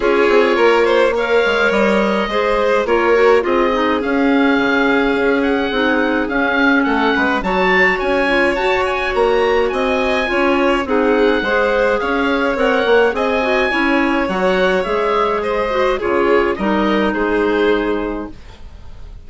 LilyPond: <<
  \new Staff \with { instrumentName = "oboe" } { \time 4/4 \tempo 4 = 105 cis''2 f''4 dis''4~ | dis''4 cis''4 dis''4 f''4~ | f''4. fis''4. f''4 | fis''4 a''4 gis''4 a''8 gis''8 |
ais''4 gis''2 fis''4~ | fis''4 f''4 fis''4 gis''4~ | gis''4 fis''4 e''4 dis''4 | cis''4 dis''4 c''2 | }
  \new Staff \with { instrumentName = "violin" } { \time 4/4 gis'4 ais'8 c''8 cis''2 | c''4 ais'4 gis'2~ | gis'1 | a'8 b'8 cis''2.~ |
cis''4 dis''4 cis''4 gis'4 | c''4 cis''2 dis''4 | cis''2. c''4 | gis'4 ais'4 gis'2 | }
  \new Staff \with { instrumentName = "clarinet" } { \time 4/4 f'2 ais'2 | gis'4 f'8 fis'8 f'8 dis'8 cis'4~ | cis'2 dis'4 cis'4~ | cis'4 fis'4. f'8 fis'4~ |
fis'2 f'4 dis'4 | gis'2 ais'4 gis'8 fis'8 | e'4 fis'4 gis'4. fis'8 | f'4 dis'2. | }
  \new Staff \with { instrumentName = "bassoon" } { \time 4/4 cis'8 c'8 ais4. gis8 g4 | gis4 ais4 c'4 cis'4 | cis4 cis'4 c'4 cis'4 | a8 gis8 fis4 cis'4 fis'4 |
ais4 c'4 cis'4 c'4 | gis4 cis'4 c'8 ais8 c'4 | cis'4 fis4 gis2 | cis4 g4 gis2 | }
>>